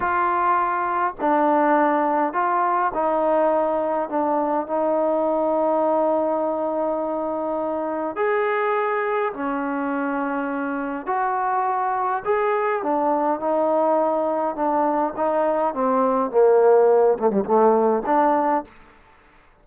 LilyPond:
\new Staff \with { instrumentName = "trombone" } { \time 4/4 \tempo 4 = 103 f'2 d'2 | f'4 dis'2 d'4 | dis'1~ | dis'2 gis'2 |
cis'2. fis'4~ | fis'4 gis'4 d'4 dis'4~ | dis'4 d'4 dis'4 c'4 | ais4. a16 g16 a4 d'4 | }